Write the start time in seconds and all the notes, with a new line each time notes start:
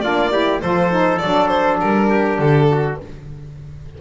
0.00 A#3 D4 F4 D5
0.31 E4 G4
0.62 F3 F4 A4 C5
0.90 D#4
1.18 F#3 D4 D5
1.47 C5
1.80 G3 A#4
2.09 G4
2.38 D3 A4
2.71 F#4